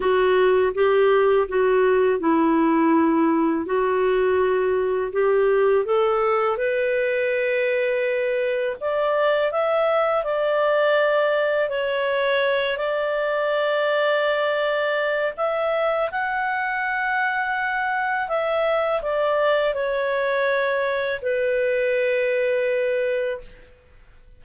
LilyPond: \new Staff \with { instrumentName = "clarinet" } { \time 4/4 \tempo 4 = 82 fis'4 g'4 fis'4 e'4~ | e'4 fis'2 g'4 | a'4 b'2. | d''4 e''4 d''2 |
cis''4. d''2~ d''8~ | d''4 e''4 fis''2~ | fis''4 e''4 d''4 cis''4~ | cis''4 b'2. | }